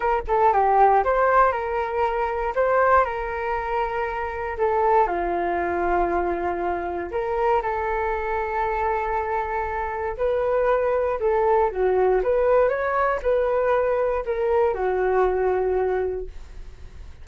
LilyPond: \new Staff \with { instrumentName = "flute" } { \time 4/4 \tempo 4 = 118 ais'8 a'8 g'4 c''4 ais'4~ | ais'4 c''4 ais'2~ | ais'4 a'4 f'2~ | f'2 ais'4 a'4~ |
a'1 | b'2 a'4 fis'4 | b'4 cis''4 b'2 | ais'4 fis'2. | }